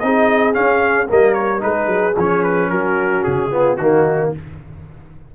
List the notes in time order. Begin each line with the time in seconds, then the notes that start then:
0.00 C4 D#4 G#4 D#5
0.54 C#4 F5
1.09 G3 A#3 A#4 D#5
1.34 C#5
1.59 G#3 D#4 G#4 B4
1.87 F#3
2.17 F3 C#4 C#5
2.43 B4
2.70 F#3 F#4 A#4
3.24 C#3 G#4
3.50 B3 F4
3.77 D#3 A#3 D#4 F#4